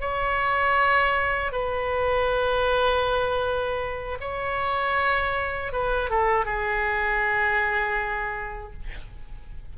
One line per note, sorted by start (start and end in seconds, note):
0.00 1.52 C#5
1.52 4.17 B4
4.20 5.72 C#5
5.72 6.10 B4
6.10 6.45 A4
6.45 8.72 G#4